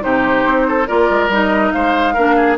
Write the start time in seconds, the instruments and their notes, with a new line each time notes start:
0.00 bassoon C3, clarinet D#4, oboe G4, flute C5
0.45 bassoon C4
0.67 oboe A4
0.87 bassoon A#3, clarinet F4, oboe A#4, flute D5
1.09 bassoon G#3
1.28 bassoon G3, clarinet D#4, flute D#5
1.71 bassoon G#3, oboe C5, flute F5
2.13 bassoon A#3, clarinet D4, oboe A#4
2.36 oboe G#4